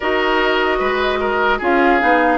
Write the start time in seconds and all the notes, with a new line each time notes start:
0.00 D#4 F#4 A#4 D#5
0.78 G#3 B4
1.20 A#4
1.58 C#4 F4 G#4 F5
2.00 B3 D#4